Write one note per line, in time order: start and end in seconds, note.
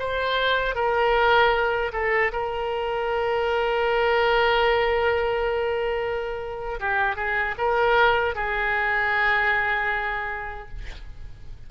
0.00 0.75 C5
0.75 1.92 A#4
1.93 2.32 A4
2.32 6.80 A#4
6.80 7.17 G4
7.17 7.55 G#4
7.58 8.36 A#4
8.36 10.69 G#4